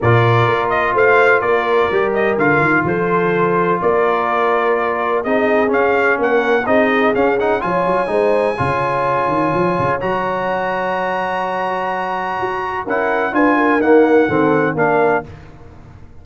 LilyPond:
<<
  \new Staff \with { instrumentName = "trumpet" } { \time 4/4 \tempo 4 = 126 d''4. dis''8 f''4 d''4~ | d''8 dis''8 f''4 c''2 | d''2. dis''4 | f''4 fis''4 dis''4 f''8 fis''8 |
gis''1~ | gis''4 ais''2.~ | ais''2. fis''4 | gis''4 fis''2 f''4 | }
  \new Staff \with { instrumentName = "horn" } { \time 4/4 ais'2 c''4 ais'4~ | ais'2 a'2 | ais'2. gis'4~ | gis'4 ais'4 gis'2 |
cis''4 c''4 cis''2~ | cis''1~ | cis''2. ais'4 | b'8 ais'4. a'4 ais'4 | }
  \new Staff \with { instrumentName = "trombone" } { \time 4/4 f'1 | g'4 f'2.~ | f'2. dis'4 | cis'2 dis'4 cis'8 dis'8 |
f'4 dis'4 f'2~ | f'4 fis'2.~ | fis'2. e'4 | f'4 ais4 c'4 d'4 | }
  \new Staff \with { instrumentName = "tuba" } { \time 4/4 ais,4 ais4 a4 ais4 | g4 d8 dis8 f2 | ais2. c'4 | cis'4 ais4 c'4 cis'4 |
f8 fis8 gis4 cis4. dis8 | f8 cis8 fis2.~ | fis2 fis'4 cis'4 | d'4 dis'4 dis4 ais4 | }
>>